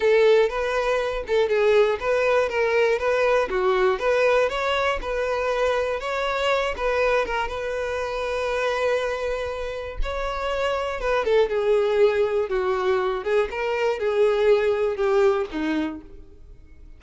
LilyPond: \new Staff \with { instrumentName = "violin" } { \time 4/4 \tempo 4 = 120 a'4 b'4. a'8 gis'4 | b'4 ais'4 b'4 fis'4 | b'4 cis''4 b'2 | cis''4. b'4 ais'8 b'4~ |
b'1 | cis''2 b'8 a'8 gis'4~ | gis'4 fis'4. gis'8 ais'4 | gis'2 g'4 dis'4 | }